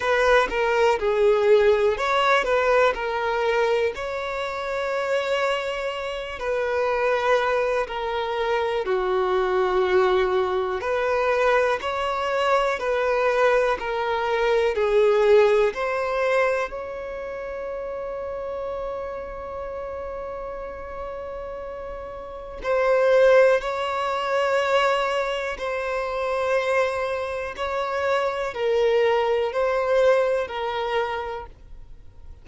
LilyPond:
\new Staff \with { instrumentName = "violin" } { \time 4/4 \tempo 4 = 61 b'8 ais'8 gis'4 cis''8 b'8 ais'4 | cis''2~ cis''8 b'4. | ais'4 fis'2 b'4 | cis''4 b'4 ais'4 gis'4 |
c''4 cis''2.~ | cis''2. c''4 | cis''2 c''2 | cis''4 ais'4 c''4 ais'4 | }